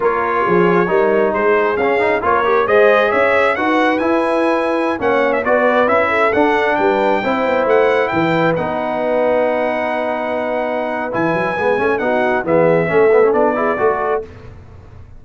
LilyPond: <<
  \new Staff \with { instrumentName = "trumpet" } { \time 4/4 \tempo 4 = 135 cis''2. c''4 | f''4 cis''4 dis''4 e''4 | fis''4 gis''2~ gis''16 fis''8. | e''16 d''4 e''4 fis''4 g''8.~ |
g''4~ g''16 fis''4 g''4 fis''8.~ | fis''1~ | fis''4 gis''2 fis''4 | e''2 d''2 | }
  \new Staff \with { instrumentName = "horn" } { \time 4/4 ais'4 gis'4 ais'4 gis'4~ | gis'4 ais'4 c''4 cis''4 | b'2.~ b'16 cis''8.~ | cis''16 b'4. a'4. b'8.~ |
b'16 c''2 b'4.~ b'16~ | b'1~ | b'2. fis'4 | gis'4 a'4. gis'8 a'4 | }
  \new Staff \with { instrumentName = "trombone" } { \time 4/4 f'2 dis'2 | cis'8 dis'8 f'8 g'8 gis'2 | fis'4 e'2~ e'16 cis'8.~ | cis'16 fis'4 e'4 d'4.~ d'16~ |
d'16 e'2. dis'8.~ | dis'1~ | dis'4 e'4 b8 cis'8 dis'4 | b4 cis'8 b16 cis'16 d'8 e'8 fis'4 | }
  \new Staff \with { instrumentName = "tuba" } { \time 4/4 ais4 f4 g4 gis4 | cis'4 ais4 gis4 cis'4 | dis'4 e'2~ e'16 ais8.~ | ais16 b4 cis'4 d'4 g8.~ |
g16 c'8 b8 a4 e4 b8.~ | b1~ | b4 e8 fis8 gis8 a8 b4 | e4 a4 b4 a4 | }
>>